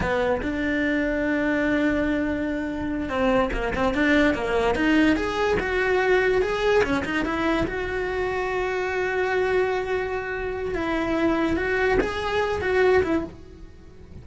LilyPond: \new Staff \with { instrumentName = "cello" } { \time 4/4 \tempo 4 = 145 b4 d'2.~ | d'2.~ d'8 c'8~ | c'8 ais8 c'8 d'4 ais4 dis'8~ | dis'8 gis'4 fis'2 gis'8~ |
gis'8 cis'8 dis'8 e'4 fis'4.~ | fis'1~ | fis'2 e'2 | fis'4 gis'4. fis'4 e'8 | }